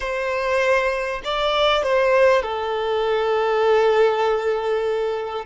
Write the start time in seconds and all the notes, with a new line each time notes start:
0.00 C5
1.24 D5
1.83 C5
2.42 A4